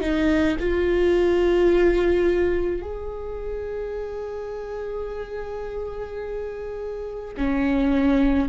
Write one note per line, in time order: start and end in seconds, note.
0.00 0.57 D#4
0.59 2.81 F4
2.81 7.34 G#4
7.37 8.49 C#4